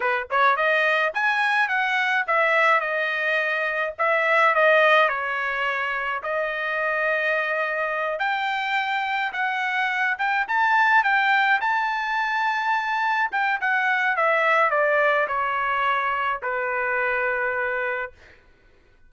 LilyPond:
\new Staff \with { instrumentName = "trumpet" } { \time 4/4 \tempo 4 = 106 b'8 cis''8 dis''4 gis''4 fis''4 | e''4 dis''2 e''4 | dis''4 cis''2 dis''4~ | dis''2~ dis''8 g''4.~ |
g''8 fis''4. g''8 a''4 g''8~ | g''8 a''2. g''8 | fis''4 e''4 d''4 cis''4~ | cis''4 b'2. | }